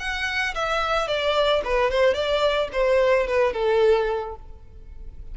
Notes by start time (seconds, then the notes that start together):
0.00 F#5
0.55 E5
1.08 D5
1.65 B4
1.91 C5
2.14 D5
2.73 C5
3.28 B4
3.54 A4